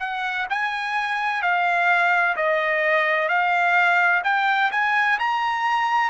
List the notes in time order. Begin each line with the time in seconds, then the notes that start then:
0.00 F#5
0.49 G#5
1.42 F5
2.36 D#5
3.29 F5
4.24 G5
4.71 G#5
5.19 A#5